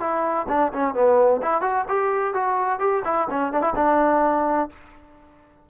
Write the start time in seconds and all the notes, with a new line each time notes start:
0.00 E4
0.49 D4
0.73 C#4
0.95 B3
1.43 E4
1.62 F#4
1.89 G4
2.34 F#4
2.80 G4
3.05 E4
3.31 C#4
3.53 D4
3.62 E4
3.76 D4